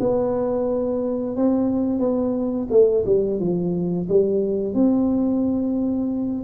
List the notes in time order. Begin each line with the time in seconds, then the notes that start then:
0.00 B3
1.36 C4
2.00 B3
2.71 A3
3.06 G3
3.40 F3
4.09 G3
4.74 C4